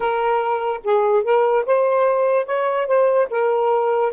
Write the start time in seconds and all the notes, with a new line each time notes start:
0.00 A#4
0.84 G#4
1.23 A#4
1.66 C5
2.45 C#5
2.86 C5
3.30 A#4